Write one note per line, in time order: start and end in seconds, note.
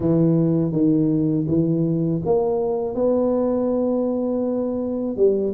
0.00 0.71 E3
0.71 1.45 D#3
1.47 2.21 E3
2.25 2.95 A#3
2.95 5.16 B3
5.16 5.53 G3